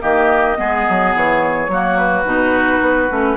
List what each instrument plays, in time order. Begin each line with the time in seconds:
0.00 bassoon D#3, clarinet A#3, oboe G4, flute D#5
0.56 bassoon G#3, clarinet B3, oboe G#4
0.89 bassoon F#3
1.15 bassoon E3, flute C#5
1.68 bassoon F#3, clarinet A#3, oboe F#4
1.98 flute B4
2.25 bassoon B2, clarinet D#4
2.81 bassoon B3
3.10 bassoon A3, clarinet C#4